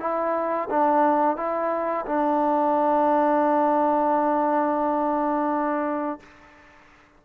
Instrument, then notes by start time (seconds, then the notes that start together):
trombone
0.00 E4
0.70 D4
1.37 E4
2.07 D4